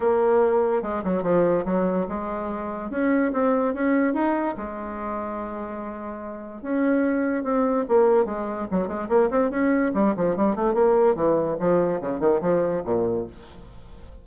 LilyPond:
\new Staff \with { instrumentName = "bassoon" } { \time 4/4 \tempo 4 = 145 ais2 gis8 fis8 f4 | fis4 gis2 cis'4 | c'4 cis'4 dis'4 gis4~ | gis1 |
cis'2 c'4 ais4 | gis4 fis8 gis8 ais8 c'8 cis'4 | g8 f8 g8 a8 ais4 e4 | f4 cis8 dis8 f4 ais,4 | }